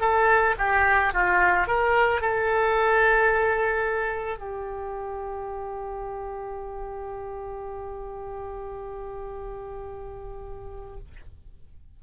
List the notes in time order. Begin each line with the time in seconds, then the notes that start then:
0.00 A4
0.58 G4
1.13 F4
1.67 A#4
2.21 A4
4.38 G4